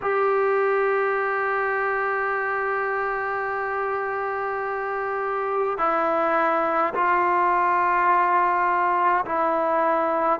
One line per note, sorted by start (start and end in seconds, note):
0.01 5.77 G4
5.77 6.93 E4
6.94 9.25 F4
9.25 10.39 E4